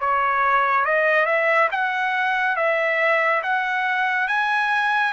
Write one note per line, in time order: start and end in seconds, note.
0.00 0.85 C#5
0.85 1.25 D#5
1.25 1.68 E5
1.71 2.56 F#5
2.56 3.42 E5
3.43 4.27 F#5
4.27 5.13 G#5